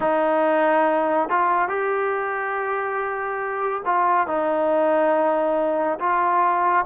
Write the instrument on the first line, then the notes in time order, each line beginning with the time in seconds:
trombone
0.00 D#4
1.29 F4
1.68 G4
3.85 F4
4.27 D#4
5.99 F4